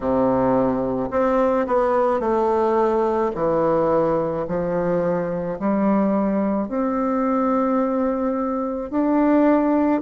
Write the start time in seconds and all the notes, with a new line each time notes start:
0.00 C3
1.11 C4
1.67 B3
2.20 A3
3.34 E3
4.47 F3
5.59 G3
6.68 C4
8.90 D4